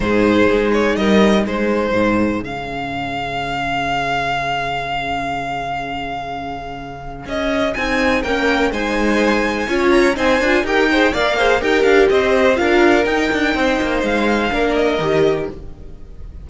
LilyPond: <<
  \new Staff \with { instrumentName = "violin" } { \time 4/4 \tempo 4 = 124 c''4. cis''8 dis''4 c''4~ | c''4 f''2.~ | f''1~ | f''2. dis''4 |
gis''4 g''4 gis''2~ | gis''8 ais''8 gis''4 g''4 f''4 | g''8 f''8 dis''4 f''4 g''4~ | g''4 f''4. dis''4. | }
  \new Staff \with { instrumentName = "violin" } { \time 4/4 gis'2 ais'4 gis'4~ | gis'1~ | gis'1~ | gis'1~ |
gis'4 ais'4 c''2 | cis''4 c''4 ais'8 c''8 d''8 c''8 | ais'4 c''4 ais'2 | c''2 ais'2 | }
  \new Staff \with { instrumentName = "viola" } { \time 4/4 dis'1~ | dis'4 cis'2.~ | cis'1~ | cis'1 |
dis'4 cis'4 dis'2 | f'4 dis'8 f'8 g'8 gis'8 ais'8 gis'8 | g'2 f'4 dis'4~ | dis'2 d'4 g'4 | }
  \new Staff \with { instrumentName = "cello" } { \time 4/4 gis,4 gis4 g4 gis4 | gis,4 cis2.~ | cis1~ | cis2. cis'4 |
c'4 ais4 gis2 | cis'4 c'8 d'8 dis'4 ais4 | dis'8 d'8 c'4 d'4 dis'8 d'8 | c'8 ais8 gis4 ais4 dis4 | }
>>